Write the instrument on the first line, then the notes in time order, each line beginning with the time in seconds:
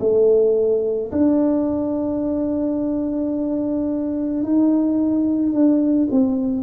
tuba
0.00 A3
1.12 D4
4.43 D#4
5.53 D4
6.11 C4